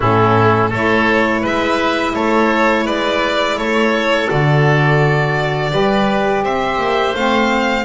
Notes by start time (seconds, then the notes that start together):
0.00 A2 C#4 E4 A4
0.69 A3 E4 A4 C#5
1.41 G#3 B4 E5
2.14 A3 A4 C#5
2.85 G#3 B4 D5
3.56 A3 A4 C#5
4.27 D3 F#4 D5
5.71 G3 G4 B4
6.43 C4 C5 E5
6.77 A#3
7.15 A3 C4 F5